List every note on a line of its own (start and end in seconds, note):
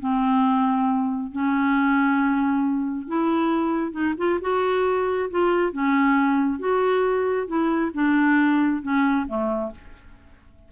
0.00 1.32 C4
1.32 3.08 C#4
3.08 3.93 E4
3.93 4.15 D#4
4.18 4.40 F4
4.42 5.30 F#4
5.31 5.73 F4
5.73 6.60 C#4
6.60 7.48 F#4
7.48 7.92 E4
7.94 8.83 D4
8.83 9.27 C#4
9.28 9.72 A3